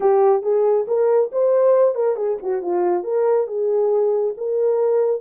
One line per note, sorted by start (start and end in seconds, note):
0.00 0.42 G4
0.42 0.85 G#4
0.87 1.31 A#4
1.32 1.94 C5
1.94 2.15 A#4
2.15 2.37 G#4
2.42 2.62 F#4
2.62 3.03 F4
3.03 3.47 A#4
3.47 4.34 G#4
4.37 5.21 A#4